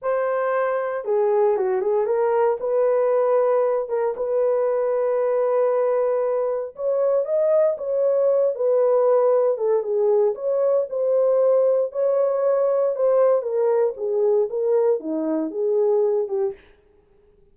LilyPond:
\new Staff \with { instrumentName = "horn" } { \time 4/4 \tempo 4 = 116 c''2 gis'4 fis'8 gis'8 | ais'4 b'2~ b'8 ais'8 | b'1~ | b'4 cis''4 dis''4 cis''4~ |
cis''8 b'2 a'8 gis'4 | cis''4 c''2 cis''4~ | cis''4 c''4 ais'4 gis'4 | ais'4 dis'4 gis'4. g'8 | }